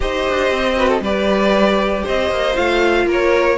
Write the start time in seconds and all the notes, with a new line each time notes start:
0.00 D#4 G4 C5 D#5
0.28 D4
0.50 C4
0.75 F#4 B4
0.87 A4
1.00 G3 G4 B4 D5
2.03 C4 C5 D#5
2.30 A#3
2.54 A3 F4 F5
3.05 A#3 A#4
3.12 C#5